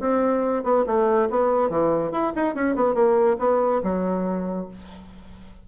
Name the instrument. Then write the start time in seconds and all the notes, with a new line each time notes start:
bassoon
0.00 C4
0.63 B3
0.86 A3
1.30 B3
1.69 E3
2.11 E4
2.36 D#4
2.55 C#4
2.75 B3
2.94 A#3
3.39 B3
3.83 F#3